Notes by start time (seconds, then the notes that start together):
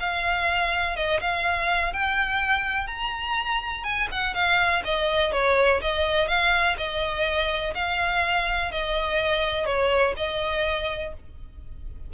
0.00 F5
0.96 D#5
1.21 F5
1.93 G5
2.87 A#5
3.84 G#5
4.12 F#5
4.35 F5
4.85 D#5
5.32 C#5
5.82 D#5
6.28 F5
6.77 D#5
7.75 F5
8.72 D#5
9.66 C#5
10.17 D#5